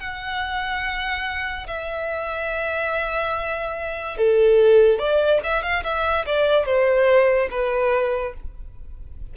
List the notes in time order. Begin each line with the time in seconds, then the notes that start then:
0.00 F#5
1.67 E5
4.17 A4
4.98 D5
5.43 E5
5.62 F5
5.83 E5
6.26 D5
6.66 C5
7.50 B4